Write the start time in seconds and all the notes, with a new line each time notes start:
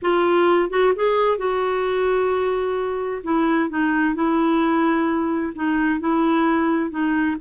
0.02 F4
0.70 F#4
0.95 G#4
1.37 F#4
3.23 E4
3.69 D#4
4.14 E4
5.55 D#4
6.00 E4
6.90 D#4